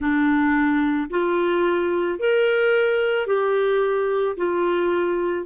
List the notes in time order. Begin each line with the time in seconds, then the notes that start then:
0.00 D4
1.10 F4
2.19 A#4
3.26 G4
4.36 F4